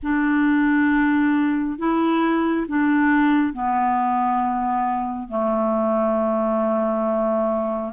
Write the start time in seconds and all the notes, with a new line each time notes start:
0.02 D4
1.78 E4
2.68 D4
3.53 B3
5.28 A3